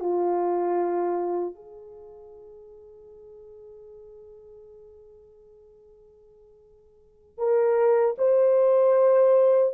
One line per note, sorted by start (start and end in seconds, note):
0.00 1.54 F4
1.54 7.38 G#4
7.38 8.16 A#4
8.18 9.74 C5